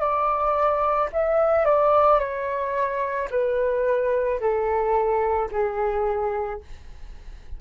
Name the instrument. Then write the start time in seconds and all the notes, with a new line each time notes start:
flute
0.00 D5
1.13 E5
1.66 D5
2.20 C#5
3.31 B4
4.40 A4
5.52 G#4